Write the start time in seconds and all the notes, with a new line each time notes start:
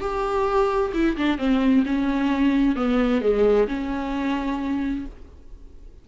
0.00 G4
0.93 E4
1.17 D4
1.38 C4
1.85 C#4
2.75 B3
3.21 G#3
3.67 C#4